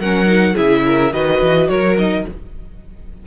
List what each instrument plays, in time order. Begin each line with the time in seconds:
0.00 cello F#3, viola C#4, violin A#4 F#5
0.26 viola D#4
0.54 cello C#3, viola E4, violin G#4 E5
0.86 violin A#4
1.13 cello D#3, viola F#4, violin B4 D#5
1.42 cello E3
1.69 cello F#3, violin A#4 C#5
1.98 viola D#4, violin D#5